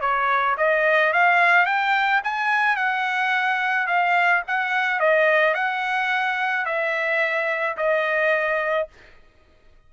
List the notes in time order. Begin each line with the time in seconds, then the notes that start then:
0.00 C#5
0.57 D#5
1.13 F5
1.65 G5
2.24 G#5
2.76 F#5
3.87 F5
4.47 F#5
5.00 D#5
5.54 F#5
6.65 E5
7.77 D#5